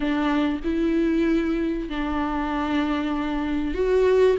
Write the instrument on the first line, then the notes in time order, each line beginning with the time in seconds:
viola
0.00 D4
0.64 E4
1.89 D4
3.74 F#4